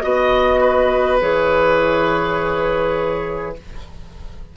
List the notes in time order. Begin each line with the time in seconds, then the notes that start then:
0.00 B3 F#4 D#5
0.61 B4
1.20 E3 G#4 C#5